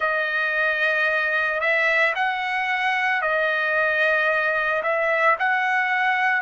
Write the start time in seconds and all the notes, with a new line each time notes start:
0.00 D#5
1.60 E5
2.15 F#5
3.21 D#5
4.83 E5
5.39 F#5